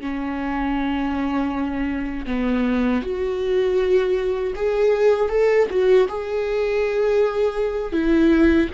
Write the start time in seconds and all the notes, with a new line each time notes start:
0.00 C#4
2.26 B3
3.02 F#4
4.55 G#4
5.29 A4
5.70 F#4
6.08 G#4
7.92 E4